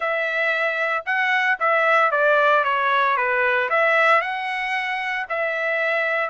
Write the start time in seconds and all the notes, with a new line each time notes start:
0.00 E5
1.05 F#5
1.59 E5
2.11 D5
2.64 C#5
3.16 B4
3.69 E5
4.21 F#5
5.29 E5